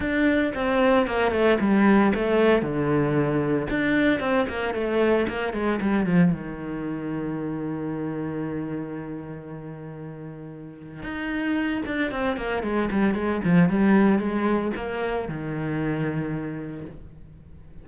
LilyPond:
\new Staff \with { instrumentName = "cello" } { \time 4/4 \tempo 4 = 114 d'4 c'4 ais8 a8 g4 | a4 d2 d'4 | c'8 ais8 a4 ais8 gis8 g8 f8 | dis1~ |
dis1~ | dis4 dis'4. d'8 c'8 ais8 | gis8 g8 gis8 f8 g4 gis4 | ais4 dis2. | }